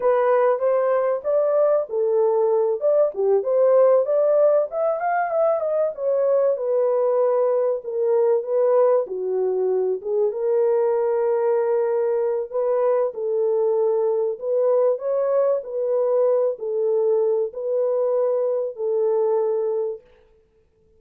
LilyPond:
\new Staff \with { instrumentName = "horn" } { \time 4/4 \tempo 4 = 96 b'4 c''4 d''4 a'4~ | a'8 d''8 g'8 c''4 d''4 e''8 | f''8 e''8 dis''8 cis''4 b'4.~ | b'8 ais'4 b'4 fis'4. |
gis'8 ais'2.~ ais'8 | b'4 a'2 b'4 | cis''4 b'4. a'4. | b'2 a'2 | }